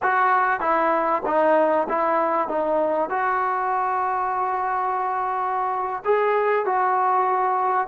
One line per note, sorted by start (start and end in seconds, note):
0.02 0.60 F#4
0.60 1.22 E4
1.25 1.87 D#4
1.88 2.48 E4
2.48 3.09 D#4
3.09 6.03 F#4
6.04 6.65 G#4
6.65 7.87 F#4